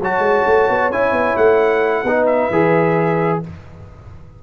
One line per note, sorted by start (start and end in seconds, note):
0.00 0.19 F#3
0.00 0.92 F#4
0.00 2.05 C#5
0.00 0.91 A5
0.19 0.41 G#3
0.46 0.68 A3
0.69 0.89 B3
0.89 1.12 C#4
0.89 2.05 E4
0.89 1.36 G#5
1.12 1.35 B3
1.36 2.04 A3
1.36 2.26 F#5
2.04 2.49 B3
2.04 2.52 D#4
2.04 3.41 B4
2.26 3.40 E5
2.51 3.42 E3
2.51 3.43 G#4